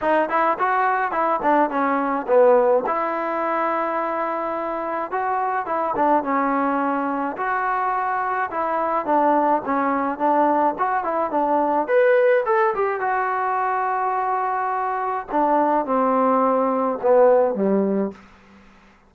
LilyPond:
\new Staff \with { instrumentName = "trombone" } { \time 4/4 \tempo 4 = 106 dis'8 e'8 fis'4 e'8 d'8 cis'4 | b4 e'2.~ | e'4 fis'4 e'8 d'8 cis'4~ | cis'4 fis'2 e'4 |
d'4 cis'4 d'4 fis'8 e'8 | d'4 b'4 a'8 g'8 fis'4~ | fis'2. d'4 | c'2 b4 g4 | }